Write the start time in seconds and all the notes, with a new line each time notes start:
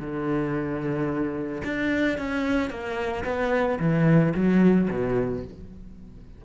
0.00 D3
1.64 D4
2.18 C#4
2.70 A#3
3.24 B3
3.80 E3
4.34 F#3
4.90 B2